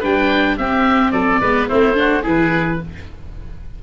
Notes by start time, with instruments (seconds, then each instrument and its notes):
0.00 tuba G3, viola D4, oboe B4 G5
0.58 tuba C4, viola C4, oboe G4 E5
1.11 tuba F#3, oboe A4 D5
1.41 tuba G#3, viola B3, oboe B4
1.68 tuba A3, viola C4, oboe E4 C5
1.94 viola D4, oboe F#4
2.23 tuba E3, viola E4, oboe G#4 B4